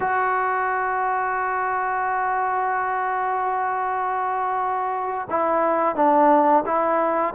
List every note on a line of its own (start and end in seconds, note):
0.00 5.28 F#4
5.30 5.95 E4
5.95 6.63 D4
6.65 7.34 E4